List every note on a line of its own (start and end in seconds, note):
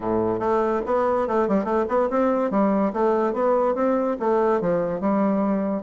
0.00 0.39 A2
0.39 0.81 A3
0.85 1.27 B3
1.27 1.48 A3
1.48 1.64 G3
1.64 1.85 A3
1.88 2.09 B3
2.09 2.50 C4
2.50 2.92 G3
2.93 3.33 A3
3.33 3.74 B3
3.75 4.16 C4
4.19 4.60 A3
4.60 5.00 F3
5.00 5.83 G3